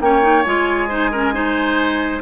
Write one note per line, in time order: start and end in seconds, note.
0.00 0.44 A#3
0.00 0.22 C#4
0.00 0.88 C#5
0.00 0.43 G5
0.22 0.44 D#4
0.43 2.21 G#3
0.43 0.89 F4
0.43 2.19 G#5
0.88 1.11 D#4
0.88 1.10 C5
1.11 1.33 C#4
1.11 1.33 A#4
1.33 2.21 D#4
1.33 2.21 C5